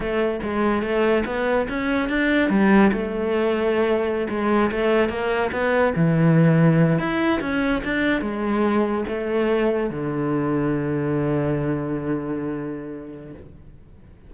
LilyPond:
\new Staff \with { instrumentName = "cello" } { \time 4/4 \tempo 4 = 144 a4 gis4 a4 b4 | cis'4 d'4 g4 a4~ | a2~ a16 gis4 a8.~ | a16 ais4 b4 e4.~ e16~ |
e8. e'4 cis'4 d'4 gis16~ | gis4.~ gis16 a2 d16~ | d1~ | d1 | }